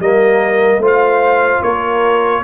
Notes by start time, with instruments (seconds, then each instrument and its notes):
0.00 tuba G3, trombone A#3, horn A#4, trumpet D#5
0.78 tuba A3, trombone F4, horn C5
0.87 trumpet F5
1.62 tuba A#3, horn A#4, trumpet C#5